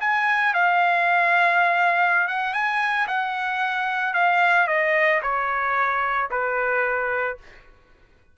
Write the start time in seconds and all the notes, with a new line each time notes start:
0.00 G#5
0.53 F5
2.28 F#5
2.53 G#5
3.07 F#5
4.13 F5
4.67 D#5
5.22 C#5
6.30 B4